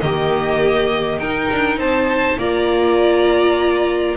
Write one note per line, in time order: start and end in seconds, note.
0.00 1.18 D#3
0.00 1.21 A#3
0.00 1.21 G4
0.00 1.19 D#5
1.18 1.48 D#4
1.18 2.39 D#4
1.18 1.79 A#4
1.18 1.78 G5
1.52 1.77 D4
1.77 2.37 C4
1.77 2.38 C5
1.77 2.39 A5
2.38 4.16 A#3
2.38 4.16 F4
2.38 4.16 D5
2.38 4.16 A#5